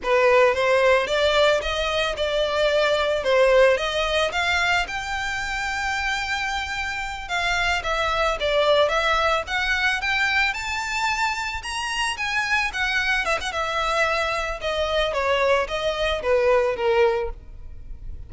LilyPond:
\new Staff \with { instrumentName = "violin" } { \time 4/4 \tempo 4 = 111 b'4 c''4 d''4 dis''4 | d''2 c''4 dis''4 | f''4 g''2.~ | g''4. f''4 e''4 d''8~ |
d''8 e''4 fis''4 g''4 a''8~ | a''4. ais''4 gis''4 fis''8~ | fis''8 e''16 fis''16 e''2 dis''4 | cis''4 dis''4 b'4 ais'4 | }